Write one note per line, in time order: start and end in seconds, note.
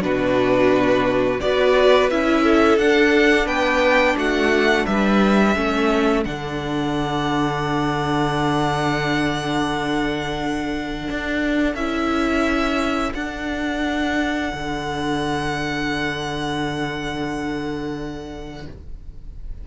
0.00 1.40 B2
0.00 1.38 D4
0.00 1.42 F#4
0.00 1.40 B4
1.40 2.11 B3
1.40 2.10 F#4
1.40 2.43 B4
1.40 2.09 D5
2.10 2.77 C#4
2.10 2.79 E4
2.10 2.78 E5
2.43 3.45 A4
2.77 3.46 D4
2.77 5.55 D4
2.77 3.47 F#5
3.45 4.15 B3
3.45 4.14 B4
3.45 4.16 G5
4.17 4.85 A3
4.17 4.86 F#4
4.17 4.86 F#5
4.86 5.56 G3
4.86 5.55 B4
4.86 6.24 E5
5.55 6.25 A3
5.55 6.24 C#4
5.55 18.66 A4
6.24 11.08 D3
6.24 11.76 D4
6.24 11.75 F#5
11.09 11.74 D4
11.74 13.12 C#4
11.74 13.15 E4
11.74 13.12 E5
13.14 14.52 D4
13.14 18.67 D4
13.14 18.66 F#5
14.53 18.67 D3